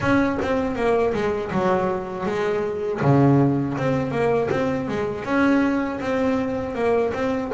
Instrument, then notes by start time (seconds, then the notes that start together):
double bass
0.00 C#4
0.42 C4
0.75 A#3
1.13 G#3
1.51 F#3
2.25 G#3
3.01 C#3
3.77 C4
4.11 A#3
4.50 C4
4.88 G#3
5.24 C#4
6.00 C4
6.75 A#3
7.13 C4